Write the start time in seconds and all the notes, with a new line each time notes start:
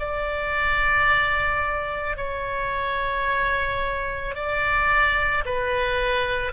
0.00 D5
2.17 C#5
4.35 D5
5.45 B4